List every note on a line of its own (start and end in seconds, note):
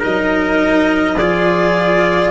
0.00 1.18 F#3
0.00 1.16 D#4
0.00 1.15 A#4
0.00 1.19 D#5
1.18 2.31 F3
1.18 2.31 F4
1.18 2.31 G#4
1.18 2.31 D5